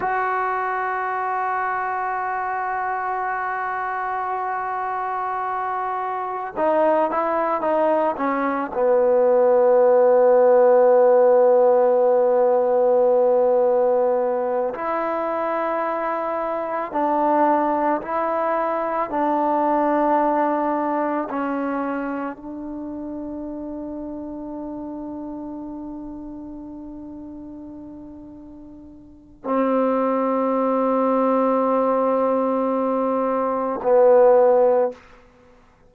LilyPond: \new Staff \with { instrumentName = "trombone" } { \time 4/4 \tempo 4 = 55 fis'1~ | fis'2 dis'8 e'8 dis'8 cis'8 | b1~ | b4. e'2 d'8~ |
d'8 e'4 d'2 cis'8~ | cis'8 d'2.~ d'8~ | d'2. c'4~ | c'2. b4 | }